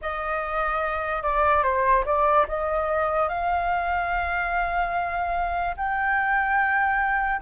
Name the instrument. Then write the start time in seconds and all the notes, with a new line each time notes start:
flute
0.01 D#5
1.22 D5
1.63 C5
2.05 D5
2.48 D#5
3.28 F5
5.76 G5